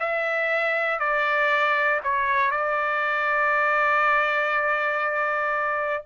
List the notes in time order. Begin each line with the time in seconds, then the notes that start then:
0.00 E5
1.00 D5
2.04 C#5
2.51 D5